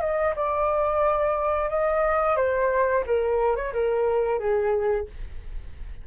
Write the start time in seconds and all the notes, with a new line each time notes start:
0.00 D#5
0.36 D5
1.69 D#5
2.36 C5
3.06 A#4
3.56 C#5
3.73 A#4
4.39 G#4